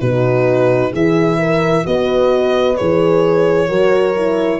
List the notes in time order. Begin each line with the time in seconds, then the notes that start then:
0.00 B2 D#4 F#4 B4
0.92 E3 E4 G#4 E5
1.39 A#4
1.83 B3 F#4 B4 D#5
2.77 E3 G#4 C#5
3.68 F#3 F#4 A#4
4.16 E4